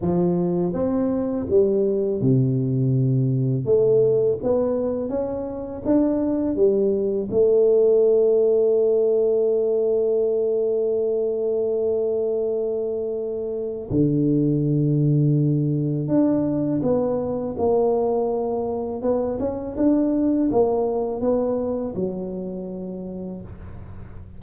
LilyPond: \new Staff \with { instrumentName = "tuba" } { \time 4/4 \tempo 4 = 82 f4 c'4 g4 c4~ | c4 a4 b4 cis'4 | d'4 g4 a2~ | a1~ |
a2. d4~ | d2 d'4 b4 | ais2 b8 cis'8 d'4 | ais4 b4 fis2 | }